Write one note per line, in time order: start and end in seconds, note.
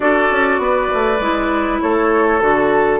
0.00 0.29 D4
0.00 1.17 F#4
0.00 0.60 A4
0.00 1.79 D5
0.30 0.58 C#4
0.58 0.88 B3
0.58 1.82 B4
0.93 1.19 A3
1.19 1.79 G#3
1.19 2.40 E4
1.80 2.41 A3
1.80 2.99 A4
1.80 2.40 C#5
2.40 2.99 D3
2.40 2.99 F#4
2.40 2.99 A4